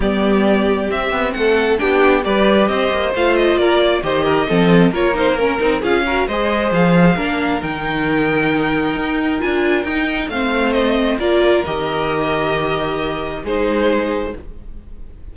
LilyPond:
<<
  \new Staff \with { instrumentName = "violin" } { \time 4/4 \tempo 4 = 134 d''2 e''4 fis''4 | g''4 d''4 dis''4 f''8 dis''8 | d''4 dis''2 cis''8 c''8 | ais'4 f''4 dis''4 f''4~ |
f''4 g''2.~ | g''4 gis''4 g''4 f''4 | dis''4 d''4 dis''2~ | dis''2 c''2 | }
  \new Staff \with { instrumentName = "violin" } { \time 4/4 g'2. a'4 | g'4 b'4 c''2 | ais'8 d''8 c''8 ais'8 a'4 ais'4~ | ais'4 gis'8 ais'8 c''2 |
ais'1~ | ais'2. c''4~ | c''4 ais'2.~ | ais'2 gis'2 | }
  \new Staff \with { instrumentName = "viola" } { \time 4/4 b2 c'2 | d'4 g'2 f'4~ | f'4 g'4 c'4 f'8 dis'8 | cis'8 dis'8 f'8 fis'8 gis'2 |
d'4 dis'2.~ | dis'4 f'4 dis'4 c'4~ | c'4 f'4 g'2~ | g'2 dis'2 | }
  \new Staff \with { instrumentName = "cello" } { \time 4/4 g2 c'8 b8 a4 | b4 g4 c'8 ais8 a4 | ais4 dis4 f4 ais4~ | ais8 c'8 cis'4 gis4 f4 |
ais4 dis2. | dis'4 d'4 dis'4 a4~ | a4 ais4 dis2~ | dis2 gis2 | }
>>